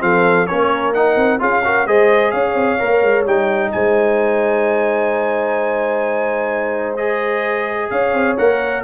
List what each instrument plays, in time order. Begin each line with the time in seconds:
0.00 tuba F3, trombone C4, horn A4, trumpet F5
0.47 tuba A#3, trombone C#4, horn A#4, trumpet C#5
0.94 trombone D#4, trumpet F#5
1.17 tuba C4
1.40 tuba C#4, trombone F4, horn G#4, trumpet F5
1.65 trombone F#4, horn A#4
1.87 tuba G#3, trombone G#4, horn C5, trumpet D#5
2.32 tuba C#4, horn C#5, trumpet F5
2.55 tuba C4
2.80 tuba A#3, trombone A#4
3.03 tuba G#3
3.26 tuba G3, trombone D#4, trumpet G5
3.72 tuba G#3, horn C5, trumpet G#5
6.97 trombone G#4, trumpet D#5
7.91 tuba C#4, horn C#5, trumpet F5
8.14 tuba C4
8.38 tuba A#3, trombone A#4, trumpet F#5